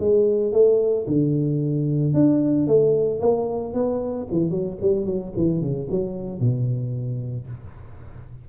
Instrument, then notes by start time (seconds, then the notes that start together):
tuba
0.00 G#3
0.53 A3
1.07 D3
2.14 D4
2.68 A3
3.20 A#3
3.74 B3
4.32 E3
4.51 F#3
4.82 G3
5.06 F#3
5.37 E3
5.62 C#3
5.91 F#3
6.40 B2